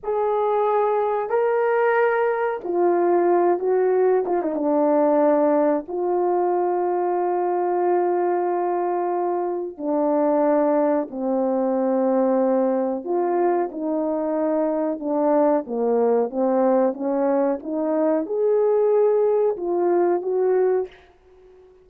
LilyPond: \new Staff \with { instrumentName = "horn" } { \time 4/4 \tempo 4 = 92 gis'2 ais'2 | f'4. fis'4 f'16 dis'16 d'4~ | d'4 f'2.~ | f'2. d'4~ |
d'4 c'2. | f'4 dis'2 d'4 | ais4 c'4 cis'4 dis'4 | gis'2 f'4 fis'4 | }